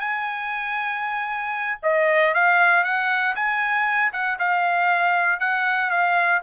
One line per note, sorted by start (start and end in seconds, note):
0.00 1.79 G#5
1.83 2.34 D#5
2.34 2.84 F5
2.84 3.35 F#5
3.36 4.13 G#5
4.13 4.38 F#5
4.39 5.40 F5
5.40 5.91 F#5
5.91 6.42 F5